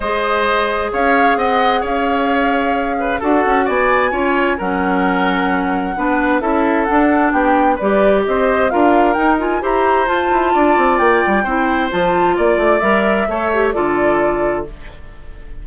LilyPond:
<<
  \new Staff \with { instrumentName = "flute" } { \time 4/4 \tempo 4 = 131 dis''2 f''4 fis''4 | f''2. fis''4 | gis''2 fis''2~ | fis''2 e''4 fis''4 |
g''4 d''4 dis''4 f''4 | g''8 gis''8 ais''4 a''2 | g''2 a''4 d''4 | e''2 d''2 | }
  \new Staff \with { instrumentName = "oboe" } { \time 4/4 c''2 cis''4 dis''4 | cis''2~ cis''8 b'8 a'4 | d''4 cis''4 ais'2~ | ais'4 b'4 a'2 |
g'4 b'4 c''4 ais'4~ | ais'4 c''2 d''4~ | d''4 c''2 d''4~ | d''4 cis''4 a'2 | }
  \new Staff \with { instrumentName = "clarinet" } { \time 4/4 gis'1~ | gis'2. fis'4~ | fis'4 f'4 cis'2~ | cis'4 d'4 e'4 d'4~ |
d'4 g'2 f'4 | dis'8 f'8 g'4 f'2~ | f'4 e'4 f'2 | ais'4 a'8 g'8 f'2 | }
  \new Staff \with { instrumentName = "bassoon" } { \time 4/4 gis2 cis'4 c'4 | cis'2. d'8 cis'8 | b4 cis'4 fis2~ | fis4 b4 cis'4 d'4 |
b4 g4 c'4 d'4 | dis'4 e'4 f'8 e'8 d'8 c'8 | ais8 g8 c'4 f4 ais8 a8 | g4 a4 d2 | }
>>